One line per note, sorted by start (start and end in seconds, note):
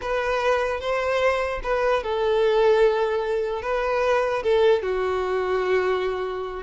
0.01 0.80 B4
0.80 1.61 C5
1.63 2.03 B4
2.03 3.62 A4
3.62 4.42 B4
4.42 4.82 A4
4.82 6.63 F#4